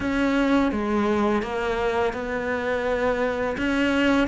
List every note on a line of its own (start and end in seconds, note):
0.00 0.71 C#4
0.71 1.42 G#3
1.42 2.13 A#3
2.13 3.56 B3
3.57 4.27 C#4